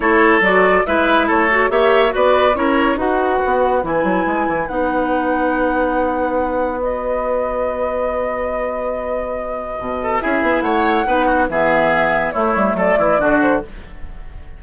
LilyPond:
<<
  \new Staff \with { instrumentName = "flute" } { \time 4/4 \tempo 4 = 141 cis''4 d''4 e''4 cis''4 | e''4 d''4 cis''4 fis''4~ | fis''4 gis''2 fis''4~ | fis''1 |
dis''1~ | dis''1 | e''4 fis''2 e''4~ | e''4 cis''4 d''4. c''8 | }
  \new Staff \with { instrumentName = "oboe" } { \time 4/4 a'2 b'4 a'4 | cis''4 b'4 ais'4 b'4~ | b'1~ | b'1~ |
b'1~ | b'2.~ b'8 a'8 | gis'4 cis''4 b'8 fis'8 gis'4~ | gis'4 e'4 a'8 e'8 fis'4 | }
  \new Staff \with { instrumentName = "clarinet" } { \time 4/4 e'4 fis'4 e'4. fis'8 | g'4 fis'4 e'4 fis'4~ | fis'4 e'2 dis'4~ | dis'1 |
fis'1~ | fis'1 | e'2 dis'4 b4~ | b4 a2 d'4 | }
  \new Staff \with { instrumentName = "bassoon" } { \time 4/4 a4 fis4 gis4 a4 | ais4 b4 cis'4 dis'4 | b4 e8 fis8 gis8 e8 b4~ | b1~ |
b1~ | b2. b,4 | cis'8 b8 a4 b4 e4~ | e4 a8 g8 fis8 e8 d4 | }
>>